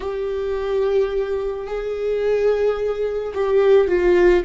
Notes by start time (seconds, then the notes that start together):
0.00 G4
1.66 G#4
3.34 G4
3.87 F4